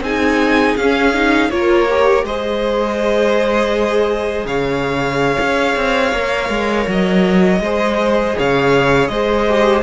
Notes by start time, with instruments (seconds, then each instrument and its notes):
0.00 cello C4, viola D#4, violin G#4 G#5
0.76 cello C#4, viola C#4, violin F5
1.13 viola D#4
1.49 cello A#3, viola F4, violin A#4 C#5
1.89 viola G4
2.23 cello G#3, viola G#4, violin C5 D#5
4.44 cello C#3, violin C#5 F5
5.40 cello C#4
5.76 cello C4
6.12 cello A#3, viola A#4
6.49 cello G#3
6.87 cello F#3, violin D#5
7.59 cello G#3, viola G#4, violin C5
8.37 cello C#3, violin C#5 F5
9.07 cello G#3, violin C5 D#5
9.48 viola G4